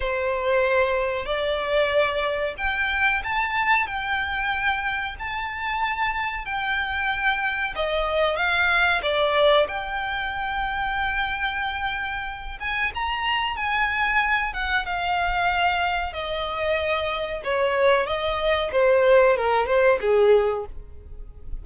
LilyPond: \new Staff \with { instrumentName = "violin" } { \time 4/4 \tempo 4 = 93 c''2 d''2 | g''4 a''4 g''2 | a''2 g''2 | dis''4 f''4 d''4 g''4~ |
g''2.~ g''8 gis''8 | ais''4 gis''4. fis''8 f''4~ | f''4 dis''2 cis''4 | dis''4 c''4 ais'8 c''8 gis'4 | }